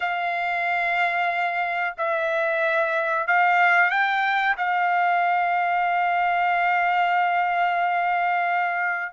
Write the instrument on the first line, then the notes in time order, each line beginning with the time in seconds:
trumpet
0.00 F5
1.97 E5
3.27 F5
3.90 G5
4.57 F5